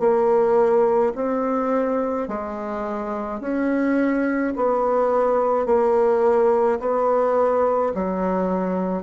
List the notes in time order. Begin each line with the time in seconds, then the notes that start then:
0.00 A#3
1.15 C4
2.28 G#3
3.41 C#4
4.56 B3
5.66 A#3
6.80 B3
7.95 F#3